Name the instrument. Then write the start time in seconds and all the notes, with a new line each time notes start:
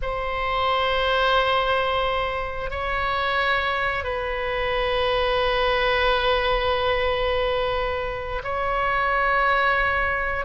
oboe
0.02 C5
2.70 C#5
4.04 B4
8.43 C#5